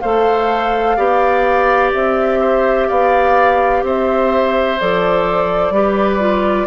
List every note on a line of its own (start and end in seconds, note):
0.00 0.97 A3
0.00 0.97 A4
0.00 0.96 C5
0.00 1.90 F5
0.96 1.92 B3
0.96 4.78 G4
0.96 2.39 D5
1.93 2.89 C4
1.93 2.88 E5
2.40 2.87 C5
2.87 3.82 B3
2.87 3.83 D5
2.87 3.83 F5
3.82 4.77 C4
3.82 5.74 C5
3.82 4.80 E5
4.80 5.70 F3
4.80 5.73 A4
4.80 6.67 D5
5.70 6.65 G3
5.70 6.19 G4
5.70 6.67 B4
6.19 6.67 F4